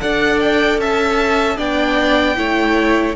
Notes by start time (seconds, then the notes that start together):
0.00 D4 A4 D5 F#5
0.40 G5
0.78 C#4 E5 A5
1.57 B3 D4 D5 G5
2.36 A3 E4 C#5